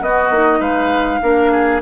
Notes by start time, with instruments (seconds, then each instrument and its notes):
0.00 bassoon B3, clarinet B3, oboe F#4, flute D#5
0.30 bassoon A#3, clarinet D#4
0.59 bassoon G#3, oboe B4, flute F5
1.21 bassoon A#3, clarinet D4, oboe A#4
1.51 oboe G#4